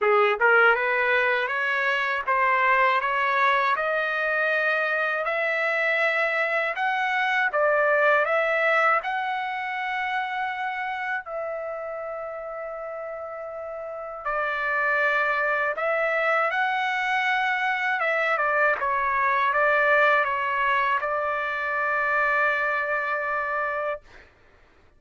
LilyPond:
\new Staff \with { instrumentName = "trumpet" } { \time 4/4 \tempo 4 = 80 gis'8 ais'8 b'4 cis''4 c''4 | cis''4 dis''2 e''4~ | e''4 fis''4 d''4 e''4 | fis''2. e''4~ |
e''2. d''4~ | d''4 e''4 fis''2 | e''8 d''8 cis''4 d''4 cis''4 | d''1 | }